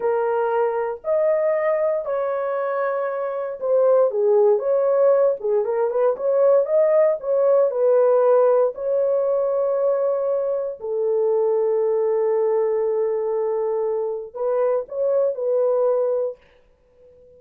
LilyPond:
\new Staff \with { instrumentName = "horn" } { \time 4/4 \tempo 4 = 117 ais'2 dis''2 | cis''2. c''4 | gis'4 cis''4. gis'8 ais'8 b'8 | cis''4 dis''4 cis''4 b'4~ |
b'4 cis''2.~ | cis''4 a'2.~ | a'1 | b'4 cis''4 b'2 | }